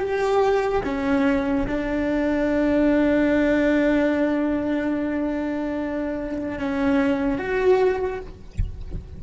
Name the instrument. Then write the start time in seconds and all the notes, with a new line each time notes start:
cello
0.00 G4
0.85 C#4
1.67 D4
6.59 C#4
7.38 F#4